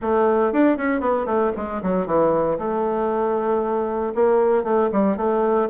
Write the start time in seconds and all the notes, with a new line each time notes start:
0.01 A3
0.52 D4
0.77 C#4
1.00 B3
1.25 A3
1.56 G#3
1.82 F#3
2.06 E3
2.58 A3
4.14 A#3
4.63 A3
4.92 G3
5.17 A3